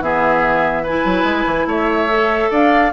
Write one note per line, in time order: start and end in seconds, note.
0.00 1.03 E3
0.00 0.85 B3
0.00 0.83 G#4
0.00 0.85 E5
0.83 2.09 E4
0.83 1.66 B4
0.83 1.69 G#5
1.04 1.23 F#3
1.23 1.44 G#3
1.46 1.66 E3
1.66 2.49 A3
1.66 2.50 C#5
1.66 2.52 E5
2.09 2.92 A4
2.50 2.92 D4
2.50 2.92 D5
2.50 2.92 F5